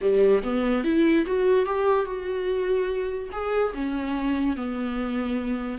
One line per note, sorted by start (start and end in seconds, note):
0.01 0.42 G3
0.43 0.84 B3
0.84 1.25 E4
1.25 1.65 F#4
1.65 2.05 G4
2.05 3.29 F#4
3.31 3.73 G#4
3.73 4.56 C#4
4.56 5.78 B3